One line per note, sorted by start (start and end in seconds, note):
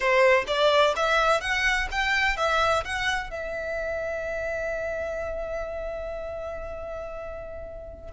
0.00 0.45 C5
0.47 0.94 D5
0.96 1.40 E5
1.40 1.87 F#5
1.91 2.36 G5
2.36 2.83 E5
2.84 3.30 F#5
3.30 8.12 E5